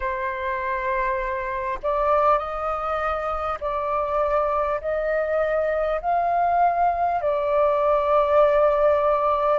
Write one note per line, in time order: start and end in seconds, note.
0.00 1.78 C5
1.83 2.38 D5
2.38 3.58 D#5
3.60 4.80 D5
4.80 6.00 D#5
6.01 7.21 F5
7.21 9.58 D5